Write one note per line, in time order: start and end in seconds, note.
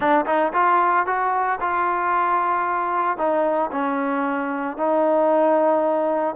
0.00 0.25 D4
0.25 0.52 D#4
0.53 1.06 F4
1.06 1.59 F#4
1.60 3.17 F4
3.17 3.70 D#4
3.71 4.77 C#4
4.77 6.35 D#4